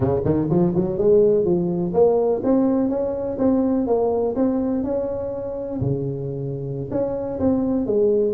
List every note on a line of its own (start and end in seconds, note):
0.00 0.21 C#3
0.24 0.49 D#3
0.49 0.73 F3
0.75 0.98 F#3
0.98 1.45 G#3
1.45 1.93 F3
1.93 2.42 A#3
2.43 2.89 C4
2.89 3.37 C#4
3.38 3.86 C4
3.86 4.35 A#3
4.35 4.83 C4
4.83 5.80 C#4
5.80 6.89 C#3
6.91 7.39 C#4
7.39 7.86 C4
7.86 8.34 G#3